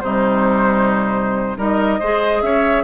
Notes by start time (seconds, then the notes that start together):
0.00 C3 G3 D#4 C5
1.57 G3 D#4 A#4 D#5
1.99 G#3 G#4 C5
2.42 C#4 C#5 E5